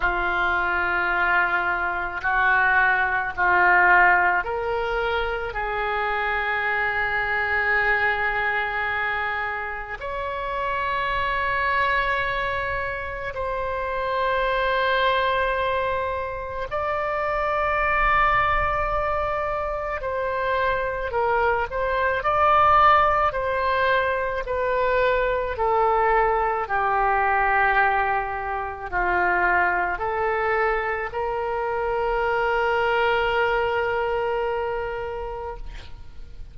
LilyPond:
\new Staff \with { instrumentName = "oboe" } { \time 4/4 \tempo 4 = 54 f'2 fis'4 f'4 | ais'4 gis'2.~ | gis'4 cis''2. | c''2. d''4~ |
d''2 c''4 ais'8 c''8 | d''4 c''4 b'4 a'4 | g'2 f'4 a'4 | ais'1 | }